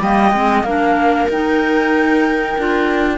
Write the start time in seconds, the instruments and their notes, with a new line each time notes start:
0.00 cello G3, clarinet A#3, viola D#5, flute G5
0.32 cello G#3, clarinet C4
0.63 cello A#3, clarinet D4, viola A#4, flute F5
1.29 cello D#4, clarinet D#4, flute G5
2.58 cello D4, clarinet F4